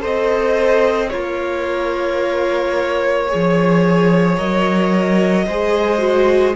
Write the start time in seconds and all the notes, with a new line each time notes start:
0.00 C4 A4 C5 D#5
1.09 A#3 F4 A#4 C#5
3.27 G#4 C#5
3.34 F3
4.37 F#3 A#4 D#5
5.46 G#3 G#4 C5
5.98 F#4